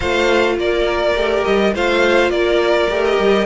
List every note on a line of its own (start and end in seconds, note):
0.00 0.57 A3
0.00 1.15 F4
0.00 0.55 C5
0.00 0.57 F5
0.57 1.14 A#3
0.57 1.74 A#4
0.57 1.44 D5
1.15 1.44 A3
1.15 1.73 G4
1.44 1.75 G3
1.44 1.73 D#5
1.74 2.29 A3
1.74 2.89 F4
1.74 2.31 C5
1.74 2.30 F5
2.29 2.87 A#3
2.29 3.46 A#4
2.29 3.02 D5
2.89 3.18 A3
2.89 3.46 G4
3.04 3.46 D#5
3.18 3.46 G3